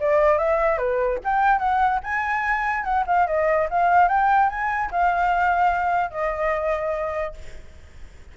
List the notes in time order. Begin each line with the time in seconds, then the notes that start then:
0.00 D5
0.38 E5
0.78 B4
1.24 G5
1.59 F#5
2.03 G#5
2.84 F#5
3.07 F5
3.27 D#5
3.70 F5
4.08 G5
4.49 G#5
4.91 F5
6.11 D#5